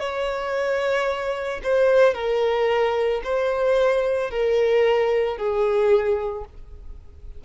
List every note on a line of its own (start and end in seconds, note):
0.00 1.61 C#5
1.63 2.14 C5
2.14 3.21 A#4
3.23 4.31 C5
4.31 5.37 A#4
5.37 6.44 G#4